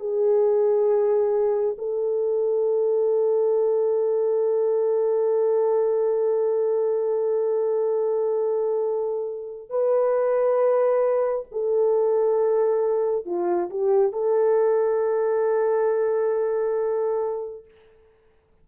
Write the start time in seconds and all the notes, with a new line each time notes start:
0.00 G#4
1.78 A4
9.70 B4
11.52 A4
13.26 F4
13.70 G4
14.13 A4